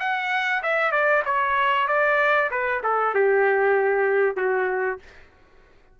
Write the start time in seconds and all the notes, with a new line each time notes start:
0.00 F#5
0.63 E5
0.91 D5
1.25 C#5
1.88 D5
2.51 B4
2.83 A4
3.15 G4
4.36 F#4